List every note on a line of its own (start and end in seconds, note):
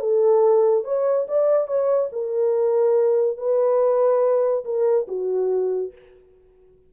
0.00 0.84 A4
0.84 1.27 C#5
1.28 1.67 D5
1.67 2.10 C#5
2.12 3.37 A#4
3.37 4.64 B4
4.65 5.07 A#4
5.08 5.92 F#4